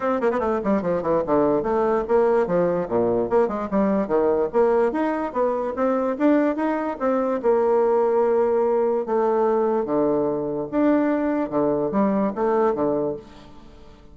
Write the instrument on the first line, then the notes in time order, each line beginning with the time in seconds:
bassoon
0.00 C4
0.21 A#3
0.31 B3
0.39 A3
0.64 G3
0.82 F3
1.02 E3
1.26 D3
1.63 A3
2.08 A#3
2.46 F3
2.88 A#2
3.29 A#3
3.47 G#3
3.70 G3
4.07 D#3
4.52 A#3
4.91 D#4
5.32 B3
5.75 C4
6.18 D4
6.55 D#4
6.99 C4
7.42 A#3
9.05 A3
9.85 D3
10.71 D4
11.50 D3
11.91 G3
12.35 A3
12.74 D3